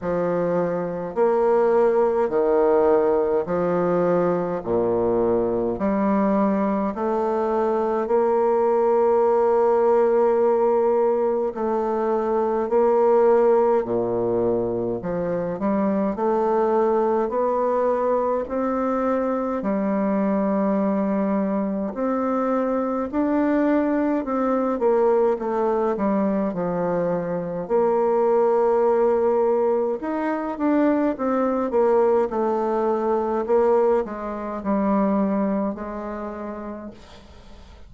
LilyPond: \new Staff \with { instrumentName = "bassoon" } { \time 4/4 \tempo 4 = 52 f4 ais4 dis4 f4 | ais,4 g4 a4 ais4~ | ais2 a4 ais4 | ais,4 f8 g8 a4 b4 |
c'4 g2 c'4 | d'4 c'8 ais8 a8 g8 f4 | ais2 dis'8 d'8 c'8 ais8 | a4 ais8 gis8 g4 gis4 | }